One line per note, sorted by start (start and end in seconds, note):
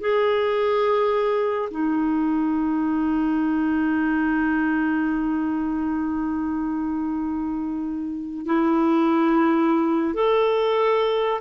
0.00 1.69 G#4
1.71 8.45 D#4
8.45 10.14 E4
10.14 11.41 A4